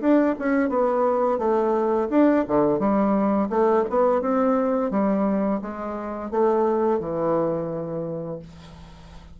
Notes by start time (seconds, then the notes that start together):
0.00 D4
0.39 C#4
0.69 B3
1.38 A3
2.10 D4
2.48 D3
2.79 G3
3.49 A3
3.89 B3
4.21 C4
4.91 G3
5.61 G#3
6.30 A3
6.99 E3